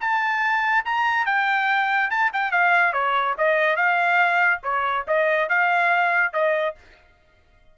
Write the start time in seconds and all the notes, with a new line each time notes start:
0.00 A5
0.85 A#5
1.26 G5
2.10 A5
2.33 G5
2.51 F5
2.93 C#5
3.37 D#5
3.76 F5
4.63 C#5
5.07 D#5
5.49 F5
6.33 D#5